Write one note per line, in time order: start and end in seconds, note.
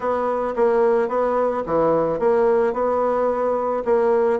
0.00 0.54 B3
0.56 1.08 A#3
1.08 1.63 B3
1.66 2.19 E3
2.19 2.73 A#3
2.73 3.83 B3
3.84 4.39 A#3